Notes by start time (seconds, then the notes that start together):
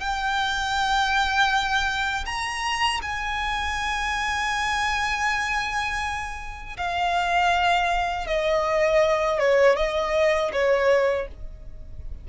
0.00 G5
2.26 A#5
3.02 G#5
6.77 F5
8.27 D#5
9.40 C#5
9.77 D#5
10.53 C#5